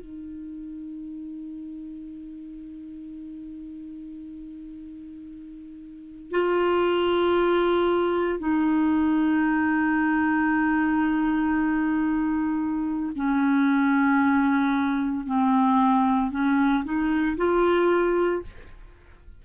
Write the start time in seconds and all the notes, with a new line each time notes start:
0.00 D#4
6.31 F4
8.39 D#4
13.15 C#4
15.26 C4
16.31 C#4
16.84 D#4
17.37 F4